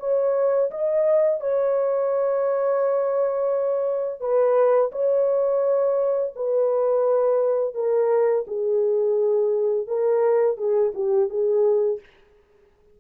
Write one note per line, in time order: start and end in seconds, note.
0.00 0.71 C#5
0.71 1.41 D#5
1.41 4.21 C#5
4.21 4.91 B4
4.93 6.34 C#5
6.36 7.75 B4
7.75 8.45 A#4
8.48 9.88 G#4
9.88 10.58 A#4
10.58 10.93 G#4
10.95 11.30 G4
11.30 12.01 G#4